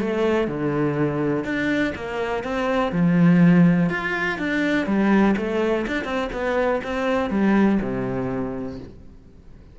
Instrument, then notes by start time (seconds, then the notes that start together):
cello
0.00 A3
0.47 D3
1.44 D4
1.95 A#3
2.43 C4
2.92 F3
3.90 F4
4.38 D4
4.86 G3
5.37 A3
5.87 D4
6.04 C4
6.32 B3
6.83 C4
7.30 G3
7.81 C3